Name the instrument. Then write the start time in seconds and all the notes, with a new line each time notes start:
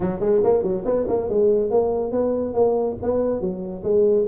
tuba
0.00 F#3
0.20 G#3
0.43 A#3
0.62 F#3
0.85 B3
1.08 A#3
1.29 G#3
1.70 A#3
2.11 B3
2.53 A#3
3.02 B3
3.40 F#3
3.83 G#3